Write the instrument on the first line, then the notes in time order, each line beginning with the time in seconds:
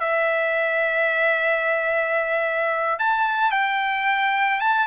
trumpet
0.00 E5
2.99 A5
3.52 G5
4.61 A5